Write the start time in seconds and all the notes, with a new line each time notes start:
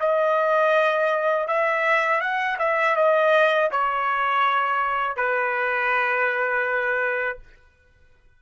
0.00 D#5
1.47 E5
2.21 F#5
2.59 E5
2.96 D#5
3.71 C#5
5.16 B4